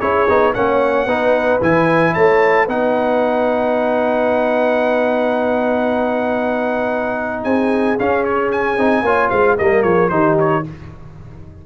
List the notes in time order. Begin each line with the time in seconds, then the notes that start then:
0.00 C#4 E4 G#4 C#5
0.29 B3 D#4
0.54 A#3 C#4 C#5 F#5
1.06 B3 D#4 B4
1.61 E3 E4 G#5
2.14 A3 C#5 A5
2.64 B3 D#4 B4 F#5
7.44 C4 G#4 G#5
7.99 C#4 F5
8.24 C#5
8.52 G#5
8.77 C4 D#4
9.03 A#3 F4 C#5
9.30 G#3 C5 F5
9.57 G3 A#3 A#4 D#5
9.82 F3 G#4 C#5
10.09 D#3 D#4 G4 C5
10.39 C#5